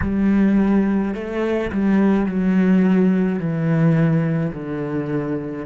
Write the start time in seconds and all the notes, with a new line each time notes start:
0.01 G3
1.14 A3
1.72 G3
2.26 F#3
3.39 E3
4.53 D3